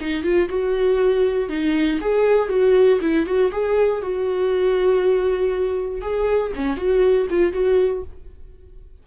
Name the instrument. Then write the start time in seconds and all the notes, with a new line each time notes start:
viola
0.00 D#4
0.23 F4
0.49 F#4
1.49 D#4
2.01 G#4
2.48 F#4
3.01 E4
3.26 F#4
3.52 G#4
4.02 F#4
6.01 G#4
6.55 C#4
6.76 F#4
7.29 F4
7.52 F#4